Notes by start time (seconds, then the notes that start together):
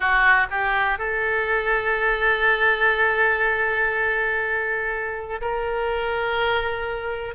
0.00 F#4
0.50 G4
0.98 A4
5.41 A#4